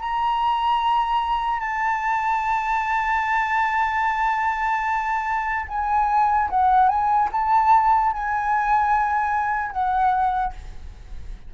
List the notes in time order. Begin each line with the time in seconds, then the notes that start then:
0.00 A#5
1.60 A5
5.68 G#5
6.50 F#5
6.89 G#5
7.32 A5
8.13 G#5
9.72 F#5